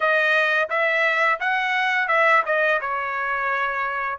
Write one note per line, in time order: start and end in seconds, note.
0.00 0.68 D#5
0.69 1.39 E5
1.40 2.08 F#5
2.08 2.43 E5
2.45 2.80 D#5
2.81 4.18 C#5